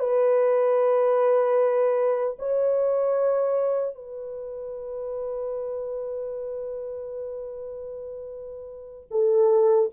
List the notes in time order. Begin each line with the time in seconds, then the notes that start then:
0.00 B4
2.39 C#5
3.95 B4
9.11 A4